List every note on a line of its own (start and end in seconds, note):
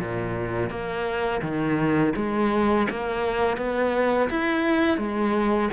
0.00 0.70 A#2
0.70 1.42 A#3
1.42 2.14 D#3
2.17 2.88 G#3
2.90 3.58 A#3
3.58 4.29 B3
4.31 4.98 E4
4.98 5.69 G#3